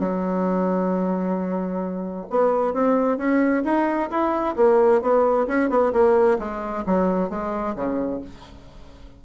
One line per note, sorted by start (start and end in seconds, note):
0.00 2.27 F#3
2.31 2.74 B3
2.74 3.18 C4
3.18 3.64 C#4
3.65 4.10 D#4
4.11 4.56 E4
4.57 5.02 A#3
5.02 5.48 B3
5.48 5.70 C#4
5.70 5.93 B3
5.93 6.39 A#3
6.39 6.85 G#3
6.87 7.30 F#3
7.30 7.76 G#3
7.76 8.21 C#3